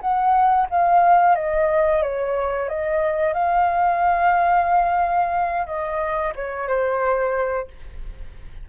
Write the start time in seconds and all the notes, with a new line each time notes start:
0.00 F#5
0.70 F5
1.35 D#5
2.02 C#5
2.68 D#5
3.33 F5
5.66 D#5
6.35 C#5
6.67 C5